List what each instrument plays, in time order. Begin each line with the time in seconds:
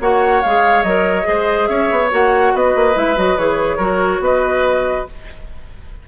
0.00 bassoon A#3, clarinet F#4, oboe C#5, flute F#5
0.41 bassoon G#3, clarinet G#4, flute F5
0.82 bassoon F#3, clarinet A#4, flute D#5
1.23 bassoon G#3, clarinet G#4, oboe C5
1.66 bassoon C#4, oboe C#5, flute E5
1.90 bassoon B3
2.10 bassoon A#3, clarinet F#4, flute F#5
2.53 bassoon B3, oboe B4, flute D#5
2.75 bassoon A#3
2.93 bassoon G#3, clarinet E4, flute E5
3.16 bassoon F#3, clarinet F#4, flute D#5
3.37 bassoon E3, clarinet G#4, flute C#5
3.77 bassoon F#3, clarinet F#4, oboe A#4
4.20 bassoon B3, oboe B4, flute D#5